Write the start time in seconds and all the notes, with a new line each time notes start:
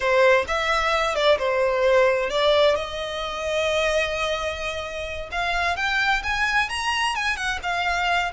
0.00 C5
0.47 E5
1.15 D5
1.38 C5
2.30 D5
2.75 D#5
5.31 F5
5.76 G5
6.23 G#5
6.69 A#5
7.15 G#5
7.36 F#5
7.62 F5